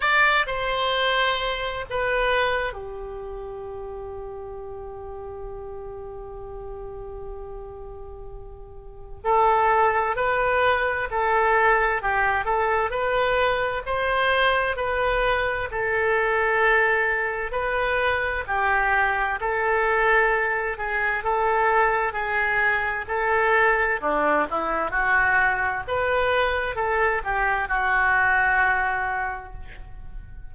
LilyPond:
\new Staff \with { instrumentName = "oboe" } { \time 4/4 \tempo 4 = 65 d''8 c''4. b'4 g'4~ | g'1~ | g'2 a'4 b'4 | a'4 g'8 a'8 b'4 c''4 |
b'4 a'2 b'4 | g'4 a'4. gis'8 a'4 | gis'4 a'4 d'8 e'8 fis'4 | b'4 a'8 g'8 fis'2 | }